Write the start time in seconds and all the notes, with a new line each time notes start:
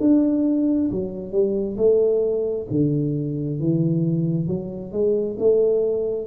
0.00 D4
0.91 F#3
1.31 G3
1.77 A3
2.70 D3
3.59 E3
4.47 F#3
4.92 G#3
5.39 A3